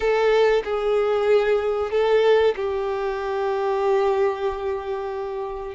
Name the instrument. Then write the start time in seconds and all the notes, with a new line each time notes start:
violin
0.00 A4
0.64 G#4
1.90 A4
2.56 G4